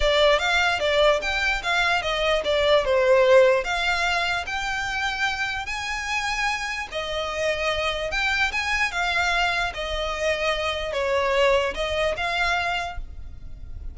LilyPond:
\new Staff \with { instrumentName = "violin" } { \time 4/4 \tempo 4 = 148 d''4 f''4 d''4 g''4 | f''4 dis''4 d''4 c''4~ | c''4 f''2 g''4~ | g''2 gis''2~ |
gis''4 dis''2. | g''4 gis''4 f''2 | dis''2. cis''4~ | cis''4 dis''4 f''2 | }